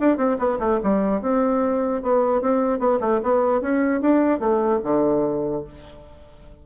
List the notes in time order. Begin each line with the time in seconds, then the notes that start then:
0.00 D4
0.17 C4
0.39 B3
0.59 A3
0.83 G3
1.22 C4
2.03 B3
2.42 C4
2.79 B3
3.00 A3
3.23 B3
3.61 C#4
4.01 D4
4.40 A3
4.84 D3